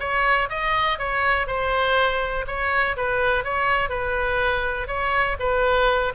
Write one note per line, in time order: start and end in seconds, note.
0.00 0.49 C#5
0.50 0.99 D#5
0.99 1.47 C#5
1.47 2.45 C5
2.47 2.96 C#5
2.97 3.44 B4
3.44 3.89 C#5
3.89 4.88 B4
4.88 5.37 C#5
5.39 6.13 B4